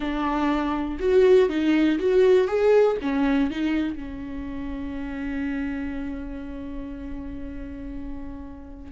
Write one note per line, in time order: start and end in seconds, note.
0.00 0.98 D4
0.99 1.49 F#4
1.49 1.98 D#4
1.99 2.47 F#4
2.47 2.97 G#4
3.01 3.50 C#4
3.50 3.95 D#4
3.95 8.91 C#4